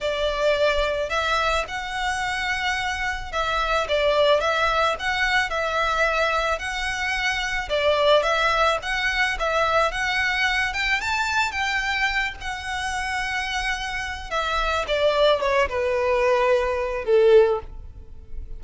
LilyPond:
\new Staff \with { instrumentName = "violin" } { \time 4/4 \tempo 4 = 109 d''2 e''4 fis''4~ | fis''2 e''4 d''4 | e''4 fis''4 e''2 | fis''2 d''4 e''4 |
fis''4 e''4 fis''4. g''8 | a''4 g''4. fis''4.~ | fis''2 e''4 d''4 | cis''8 b'2~ b'8 a'4 | }